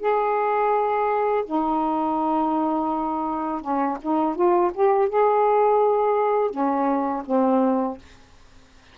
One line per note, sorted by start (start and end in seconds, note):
0.00 1.45 G#4
1.46 3.62 D#4
3.62 3.98 C#4
4.02 4.36 D#4
4.36 4.72 F4
4.74 5.10 G4
5.10 6.51 G#4
6.51 7.24 C#4
7.26 7.98 C4